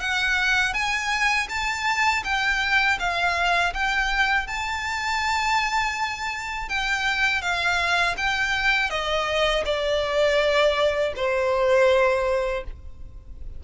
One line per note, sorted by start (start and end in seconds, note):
0.00 0.73 F#5
0.73 1.47 G#5
1.49 2.23 A5
2.24 2.98 G5
2.99 3.73 F5
3.74 4.47 G5
4.47 6.69 A5
6.69 7.41 G5
7.41 8.15 F5
8.17 8.90 G5
8.90 9.64 D#5
9.65 11.13 D5
11.16 12.64 C5